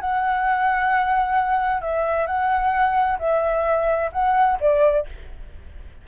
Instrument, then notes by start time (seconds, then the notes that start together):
flute
0.00 F#5
1.81 E5
2.26 F#5
3.19 E5
4.12 F#5
4.60 D5